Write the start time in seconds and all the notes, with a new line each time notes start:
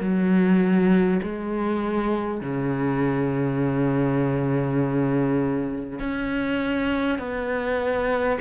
0.00 F#3
1.23 G#3
2.41 C#3
5.99 C#4
7.18 B3